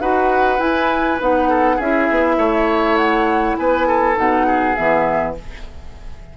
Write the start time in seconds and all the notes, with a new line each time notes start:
0.00 D#4 F#4 B4 F#5
0.58 E4 G#5
1.20 B3 D#4 F#5
1.49 A4
1.76 C#4 E4 G#4 E5
2.10 B3
2.37 A3 C#5
2.97 F#5
3.57 B3 B4 G#5
3.87 A4
4.15 B2 D#4 F#5
4.46 G#4
4.75 E3 B3 E5